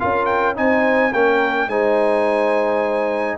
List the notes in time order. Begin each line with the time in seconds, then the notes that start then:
0.00 C#4 F4 A#4 F5
0.26 G5
0.56 C4 D#4 C5 G#5
1.13 A#3 C#4 A#4 G5
1.68 G#3 D#4 C5 G#5